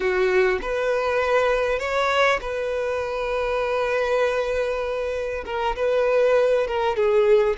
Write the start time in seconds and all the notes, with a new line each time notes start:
0.00 F#4
0.61 B4
1.79 C#5
2.41 B4
5.45 A#4
5.76 B4
6.67 A#4
6.96 G#4